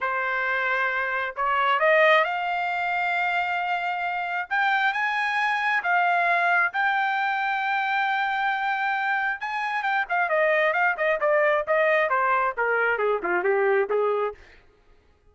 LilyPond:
\new Staff \with { instrumentName = "trumpet" } { \time 4/4 \tempo 4 = 134 c''2. cis''4 | dis''4 f''2.~ | f''2 g''4 gis''4~ | gis''4 f''2 g''4~ |
g''1~ | g''4 gis''4 g''8 f''8 dis''4 | f''8 dis''8 d''4 dis''4 c''4 | ais'4 gis'8 f'8 g'4 gis'4 | }